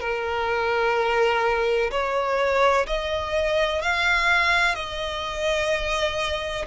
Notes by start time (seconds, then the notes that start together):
0.00 A#4
1.90 C#5
2.86 D#5
3.81 F5
4.74 D#5